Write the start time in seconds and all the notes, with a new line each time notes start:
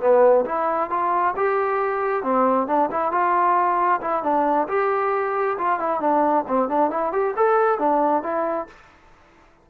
0.00 B3
0.45 E4
0.90 F4
1.36 G4
2.23 C4
2.67 D4
2.91 E4
3.11 F4
4.01 E4
4.23 D4
4.68 G4
5.58 F4
5.79 E4
6.00 D4
6.47 C4
6.69 D4
6.90 E4
7.12 G4
7.36 A4
7.79 D4
8.22 E4